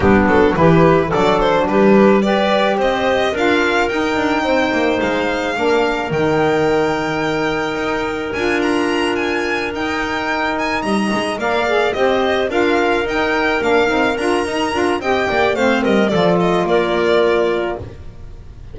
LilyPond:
<<
  \new Staff \with { instrumentName = "violin" } { \time 4/4 \tempo 4 = 108 g'8 a'8 b'4 d''8 c''8 b'4 | d''4 dis''4 f''4 g''4~ | g''4 f''2 g''4~ | g''2. gis''8 ais''8~ |
ais''8 gis''4 g''4. gis''8 ais''8~ | ais''8 f''4 dis''4 f''4 g''8~ | g''8 f''4 ais''4. g''4 | f''8 dis''8 d''8 dis''8 d''2 | }
  \new Staff \with { instrumentName = "clarinet" } { \time 4/4 d'4 g'4 a'4 g'4 | b'4 c''4 ais'2 | c''2 ais'2~ | ais'1~ |
ais'2.~ ais'8 dis''8~ | dis''8 d''4 c''4 ais'4.~ | ais'2. dis''8 d''8 | c''8 ais'8 a'4 ais'2 | }
  \new Staff \with { instrumentName = "saxophone" } { \time 4/4 b4 e'4 d'2 | g'2 f'4 dis'4~ | dis'2 d'4 dis'4~ | dis'2. f'4~ |
f'4. dis'2~ dis'8~ | dis'8 ais'8 gis'8 g'4 f'4 dis'8~ | dis'8 d'8 dis'8 f'8 dis'8 f'8 g'4 | c'4 f'2. | }
  \new Staff \with { instrumentName = "double bass" } { \time 4/4 g8 fis8 e4 fis4 g4~ | g4 c'4 d'4 dis'8 d'8 | c'8 ais8 gis4 ais4 dis4~ | dis2 dis'4 d'4~ |
d'4. dis'2 g8 | gis8 ais4 c'4 d'4 dis'8~ | dis'8 ais8 c'8 d'8 dis'8 d'8 c'8 ais8 | a8 g8 f4 ais2 | }
>>